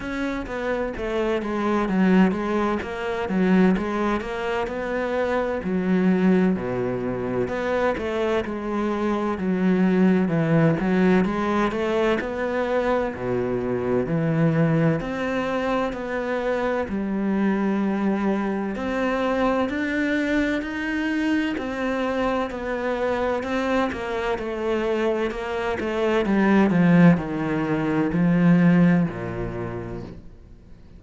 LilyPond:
\new Staff \with { instrumentName = "cello" } { \time 4/4 \tempo 4 = 64 cis'8 b8 a8 gis8 fis8 gis8 ais8 fis8 | gis8 ais8 b4 fis4 b,4 | b8 a8 gis4 fis4 e8 fis8 | gis8 a8 b4 b,4 e4 |
c'4 b4 g2 | c'4 d'4 dis'4 c'4 | b4 c'8 ais8 a4 ais8 a8 | g8 f8 dis4 f4 ais,4 | }